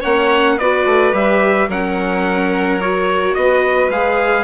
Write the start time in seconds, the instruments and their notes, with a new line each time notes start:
0.00 bassoon A#3, viola C#4, violin C#5, trumpet F#5
0.57 bassoon B3, viola F#4, violin B4, trumpet D5
0.85 bassoon A3
1.12 bassoon G3, viola G4, trumpet E5
1.68 bassoon F#3, viola C#4, violin A#4, trumpet F#5
2.80 viola F#4, trumpet C#5
3.34 bassoon B3, violin B4, trumpet D#5
3.89 bassoon G#3, viola G#4, trumpet F5